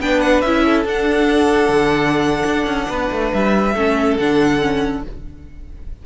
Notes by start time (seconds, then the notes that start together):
0.00 B3 D4 B4 G5
0.21 F#5
0.42 C#4 E4 E5
0.65 A4
0.85 D4 F#5
1.69 D3
2.45 D4
2.67 C#4
2.89 B3 B4
3.12 A3
3.34 G3 E5
3.75 A3 C#4 A4
4.17 D3 D4 F#5
4.61 C#4